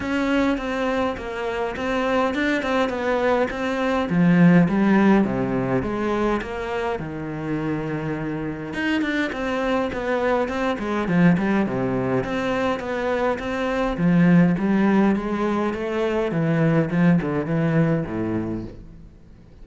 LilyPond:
\new Staff \with { instrumentName = "cello" } { \time 4/4 \tempo 4 = 103 cis'4 c'4 ais4 c'4 | d'8 c'8 b4 c'4 f4 | g4 c4 gis4 ais4 | dis2. dis'8 d'8 |
c'4 b4 c'8 gis8 f8 g8 | c4 c'4 b4 c'4 | f4 g4 gis4 a4 | e4 f8 d8 e4 a,4 | }